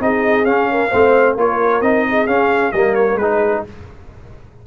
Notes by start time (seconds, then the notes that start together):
0.00 C4 D#4 G#4 D#5
0.45 C#4 F5
0.71 A#4
0.90 A3 C4 C5
1.36 A#3 F4 A#4 C#5
1.81 C4 D#4 D#5
2.09 G#4
2.27 C#4 F5
2.72 G3 A#3 A#4 D#5
2.95 C#5
3.15 G#3 G#4 B4
3.22 D#4